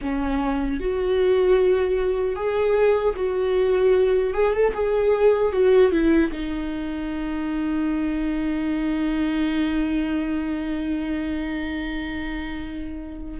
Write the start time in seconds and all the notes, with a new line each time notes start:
0.01 C#4
0.79 F#4
2.35 G#4
3.16 F#4
4.33 G#4
4.53 A4
4.74 G#4
5.52 F#4
5.91 E4
6.32 D#4